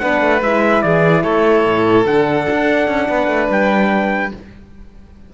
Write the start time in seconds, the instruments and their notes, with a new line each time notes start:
0.00 cello B3, horn D4, violin B4, trumpet F#5
0.22 cello A3
0.42 cello G#3, horn E4, trumpet E5
0.82 cello E3, violin G#4, trumpet D5
1.23 cello A3, violin A4, trumpet C#5
1.65 cello A2
2.06 cello D3, horn D4, trumpet F#5
2.50 cello D4
2.88 cello C#4
3.09 cello B3, violin B4
3.28 cello A3
3.50 cello G3, trumpet G5